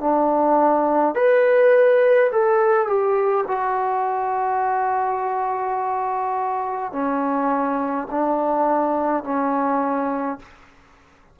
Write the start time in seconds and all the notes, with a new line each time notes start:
0.00 D4
1.15 B4
2.32 A4
2.86 G4
3.47 F#4
6.92 C#4
8.10 D4
9.24 C#4